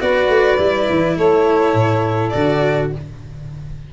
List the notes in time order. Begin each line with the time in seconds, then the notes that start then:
0.00 B3 F#4 B4 D5
0.28 A3
0.57 G3 E4
0.90 E3
1.16 A3 A4 C#5
1.74 A2
2.29 D3 F#4 D5